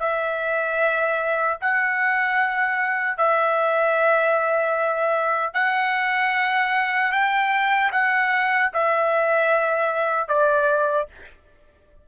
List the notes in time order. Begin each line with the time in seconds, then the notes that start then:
0.00 E5
1.61 F#5
3.18 E5
5.54 F#5
7.12 G5
7.92 F#5
8.74 E5
10.29 D5